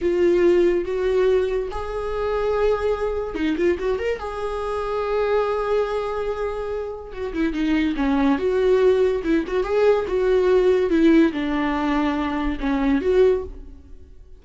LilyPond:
\new Staff \with { instrumentName = "viola" } { \time 4/4 \tempo 4 = 143 f'2 fis'2 | gis'1 | dis'8 f'8 fis'8 ais'8 gis'2~ | gis'1~ |
gis'4 fis'8 e'8 dis'4 cis'4 | fis'2 e'8 fis'8 gis'4 | fis'2 e'4 d'4~ | d'2 cis'4 fis'4 | }